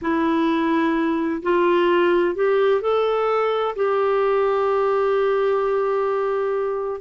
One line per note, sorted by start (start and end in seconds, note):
0.01 1.42 E4
1.42 2.35 F4
2.35 2.81 G4
2.81 3.75 A4
3.75 7.01 G4